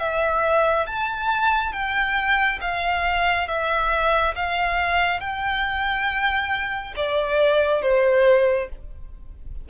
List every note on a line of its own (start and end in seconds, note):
0.00 0.87 E5
0.87 1.73 A5
1.73 2.60 G5
2.61 3.48 F5
3.48 4.35 E5
4.36 5.21 F5
5.21 6.94 G5
6.97 7.82 D5
7.82 8.69 C5